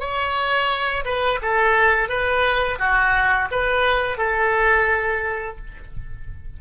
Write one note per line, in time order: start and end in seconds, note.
0.00 1.05 C#5
1.05 1.40 B4
1.42 2.09 A4
2.09 2.79 B4
2.79 3.49 F#4
3.52 4.18 B4
4.18 5.58 A4